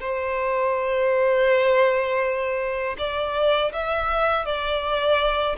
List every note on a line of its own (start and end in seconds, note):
0.00 2.96 C5
2.98 3.72 D5
3.72 4.45 E5
4.45 5.56 D5